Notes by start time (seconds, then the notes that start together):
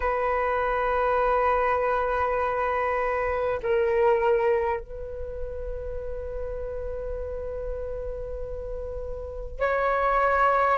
0.00 B4
3.62 A#4
4.79 B4
9.59 C#5